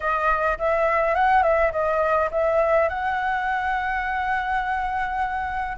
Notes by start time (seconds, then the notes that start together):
0.00 D#5
0.58 E5
1.15 F#5
1.42 E5
1.72 D#5
2.31 E5
2.88 F#5